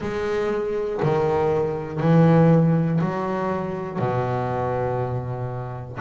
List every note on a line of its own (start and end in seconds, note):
0.00 1.00 G#3
1.02 2.00 D#3
2.00 3.00 E3
3.00 3.99 F#3
3.99 5.99 B2